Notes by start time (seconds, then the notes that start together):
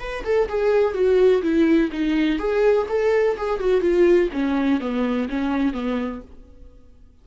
0.00 B4
0.25 A4
0.49 G#4
0.94 F#4
1.42 E4
1.92 D#4
2.39 G#4
2.89 A4
3.37 G#4
3.60 F#4
3.81 F4
4.33 C#4
4.81 B3
5.29 C#4
5.73 B3